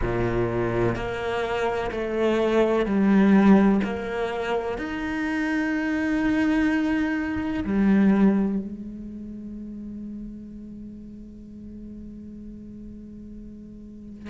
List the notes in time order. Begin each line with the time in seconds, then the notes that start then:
0.01 A#2
0.95 A#3
1.91 A3
2.85 G3
3.84 A#3
4.78 D#4
7.64 G3
8.58 G#3